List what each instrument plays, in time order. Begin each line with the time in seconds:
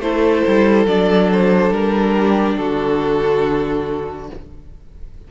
0.00 cello A3, viola E4, violin A4 C5
0.47 cello G3
0.86 cello F#3, viola D4, violin D5
1.32 violin C5
1.71 cello G3, violin A#4
2.17 violin G4
2.56 cello D3, violin F#4 A4